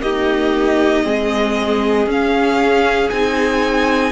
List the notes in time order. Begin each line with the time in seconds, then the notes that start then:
0.00 A#3 D#4 G4 D#5
1.03 G#3 C4 G#4
2.06 C#4 F5
3.09 C4 D#4 G#5